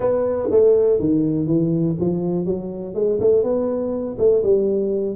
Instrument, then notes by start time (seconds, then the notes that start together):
tuba
0.00 B3
0.51 A3
0.99 D#3
1.46 E3
2.00 F3
2.45 F#3
2.94 G#3
3.20 A3
3.43 B3
4.18 A3
4.43 G3